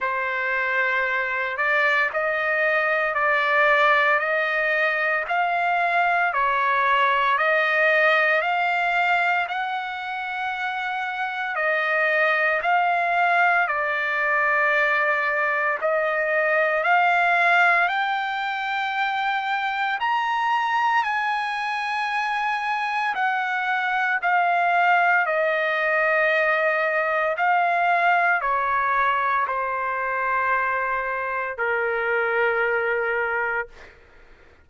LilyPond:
\new Staff \with { instrumentName = "trumpet" } { \time 4/4 \tempo 4 = 57 c''4. d''8 dis''4 d''4 | dis''4 f''4 cis''4 dis''4 | f''4 fis''2 dis''4 | f''4 d''2 dis''4 |
f''4 g''2 ais''4 | gis''2 fis''4 f''4 | dis''2 f''4 cis''4 | c''2 ais'2 | }